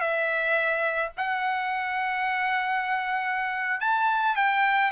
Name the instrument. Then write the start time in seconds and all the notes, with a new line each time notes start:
trumpet
0.00 E5
1.17 F#5
3.80 A5
4.36 G5